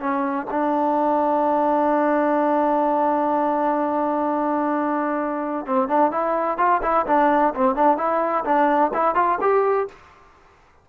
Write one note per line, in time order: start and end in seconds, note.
0.00 0.47 C#4
0.51 5.67 D4
5.67 5.89 C4
5.89 6.12 D4
6.12 6.58 E4
6.58 6.82 F4
6.83 7.06 E4
7.07 7.54 D4
7.55 7.76 C4
7.76 7.98 D4
7.98 8.45 E4
8.45 8.92 D4
8.94 9.16 E4
9.16 9.39 F4
9.41 9.88 G4